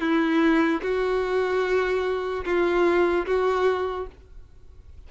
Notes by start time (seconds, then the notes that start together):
0.00 E4
0.82 F#4
2.44 F4
3.26 F#4